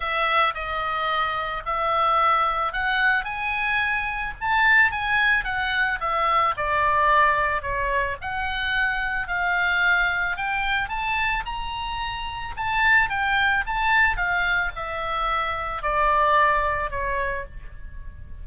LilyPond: \new Staff \with { instrumentName = "oboe" } { \time 4/4 \tempo 4 = 110 e''4 dis''2 e''4~ | e''4 fis''4 gis''2 | a''4 gis''4 fis''4 e''4 | d''2 cis''4 fis''4~ |
fis''4 f''2 g''4 | a''4 ais''2 a''4 | g''4 a''4 f''4 e''4~ | e''4 d''2 cis''4 | }